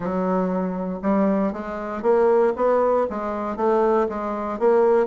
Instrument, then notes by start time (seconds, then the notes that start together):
bassoon
0.00 F#3
1.02 G3
1.52 G#3
2.02 A#3
2.56 B3
3.10 G#3
3.56 A3
4.08 G#3
4.59 A#3